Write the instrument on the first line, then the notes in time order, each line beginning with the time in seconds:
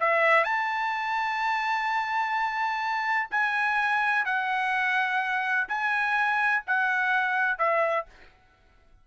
trumpet
0.00 E5
0.44 A5
3.31 G#5
4.25 F#5
5.68 G#5
6.67 F#5
7.58 E5